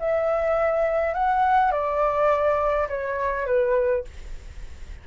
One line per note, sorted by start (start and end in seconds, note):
0.00 1.14 E5
1.14 1.72 F#5
1.72 2.88 D5
2.89 3.47 C#5
3.47 4.05 B4